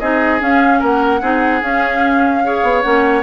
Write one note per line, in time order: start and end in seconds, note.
0.00 0.41 C4
0.00 0.40 D#4
0.00 0.80 G#4
0.00 0.41 D#5
0.40 1.21 C#4
0.40 0.82 C#4
0.40 0.83 F5
0.80 1.22 A#3
0.80 1.20 A#4
0.80 1.63 F#5
1.21 1.62 C4
1.21 1.62 D#4
1.21 2.43 G#4
1.62 2.63 C#4
1.62 2.44 C#4
1.62 2.82 F5
2.44 2.83 G#4
2.44 3.23 C#5
2.63 2.83 B3
2.82 3.23 A#3
2.82 3.23 C#4
2.82 3.23 F#5